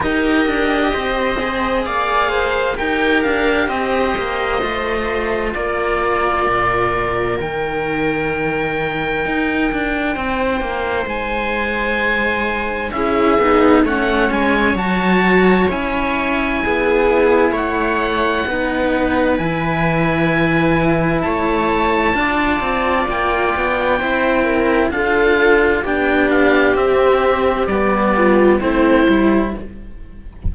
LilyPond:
<<
  \new Staff \with { instrumentName = "oboe" } { \time 4/4 \tempo 4 = 65 dis''2 f''4 g''8 f''8 | dis''2 d''2 | g''1 | gis''2 e''4 fis''8 gis''8 |
a''4 gis''2 fis''4~ | fis''4 gis''2 a''4~ | a''4 g''2 f''4 | g''8 f''8 e''4 d''4 c''4 | }
  \new Staff \with { instrumentName = "viola" } { \time 4/4 ais'4 c''4 d''8 c''8 ais'4 | c''2 ais'2~ | ais'2. c''4~ | c''2 gis'4 cis''4~ |
cis''2 gis'4 cis''4 | b'2. cis''4 | d''2 c''8 ais'8 a'4 | g'2~ g'8 f'8 e'4 | }
  \new Staff \with { instrumentName = "cello" } { \time 4/4 g'4. gis'4. g'4~ | g'4 f'2. | dis'1~ | dis'2 e'8 dis'8 cis'4 |
fis'4 e'2. | dis'4 e'2. | f'2 e'4 f'4 | d'4 c'4 b4 c'8 e'8 | }
  \new Staff \with { instrumentName = "cello" } { \time 4/4 dis'8 d'8 c'4 ais4 dis'8 d'8 | c'8 ais8 a4 ais4 ais,4 | dis2 dis'8 d'8 c'8 ais8 | gis2 cis'8 b8 a8 gis8 |
fis4 cis'4 b4 a4 | b4 e2 a4 | d'8 c'8 ais8 b8 c'4 d'4 | b4 c'4 g4 a8 g8 | }
>>